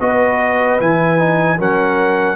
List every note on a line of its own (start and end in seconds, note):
0.00 0.79 B3
0.00 0.79 F#4
0.00 1.58 B4
0.00 0.79 D#5
0.80 1.59 E3
0.80 1.18 E4
0.80 1.59 G#5
1.18 1.57 D#4
1.57 2.36 F#3
1.57 2.36 C#4
1.57 2.36 A#4
1.57 2.36 F#5